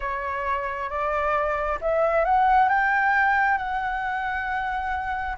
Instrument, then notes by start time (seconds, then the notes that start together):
flute
0.00 C#5
0.89 D5
1.81 E5
2.24 F#5
2.68 G5
3.57 F#5